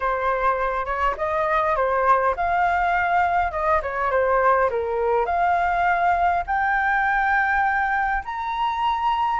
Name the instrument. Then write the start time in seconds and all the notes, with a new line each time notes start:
flute
0.00 C5
0.85 C#5
1.17 D#5
1.76 C5
2.36 F5
3.51 D#5
3.82 C#5
4.10 C5
4.70 A#4
5.25 F5
6.47 G5
8.25 A#5